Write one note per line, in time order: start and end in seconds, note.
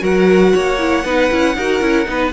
0.00 0.53 F#3
0.00 0.77 F#4
0.00 0.53 A#4
0.00 2.33 F#5
0.54 1.04 A#3
0.54 1.04 C#5
0.79 1.04 E4
1.04 1.30 B3
1.04 1.31 D#4
1.04 1.56 B4
1.31 1.57 C#4
1.31 1.57 E4
1.57 1.81 D#4
1.57 1.81 F#4
1.57 2.08 A#4
1.81 2.06 C#4
1.81 2.06 E4
2.06 2.33 B3
2.06 2.32 D#4
2.06 2.33 B4